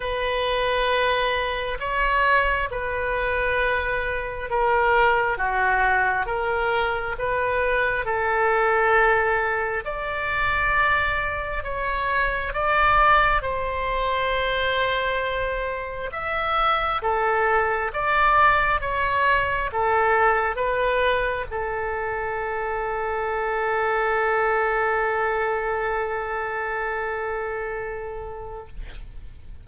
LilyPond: \new Staff \with { instrumentName = "oboe" } { \time 4/4 \tempo 4 = 67 b'2 cis''4 b'4~ | b'4 ais'4 fis'4 ais'4 | b'4 a'2 d''4~ | d''4 cis''4 d''4 c''4~ |
c''2 e''4 a'4 | d''4 cis''4 a'4 b'4 | a'1~ | a'1 | }